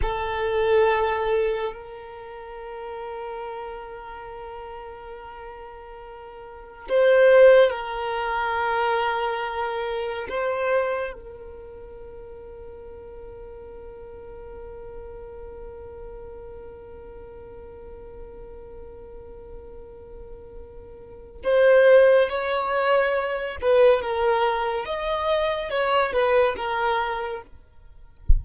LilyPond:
\new Staff \with { instrumentName = "violin" } { \time 4/4 \tempo 4 = 70 a'2 ais'2~ | ais'1 | c''4 ais'2. | c''4 ais'2.~ |
ais'1~ | ais'1~ | ais'4 c''4 cis''4. b'8 | ais'4 dis''4 cis''8 b'8 ais'4 | }